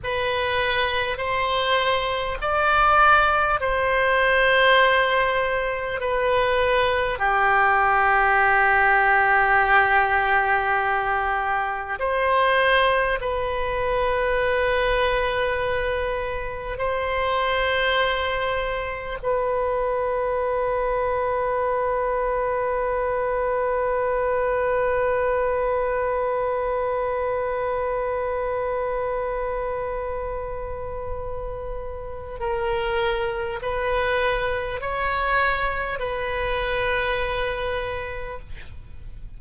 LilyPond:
\new Staff \with { instrumentName = "oboe" } { \time 4/4 \tempo 4 = 50 b'4 c''4 d''4 c''4~ | c''4 b'4 g'2~ | g'2 c''4 b'4~ | b'2 c''2 |
b'1~ | b'1~ | b'2. ais'4 | b'4 cis''4 b'2 | }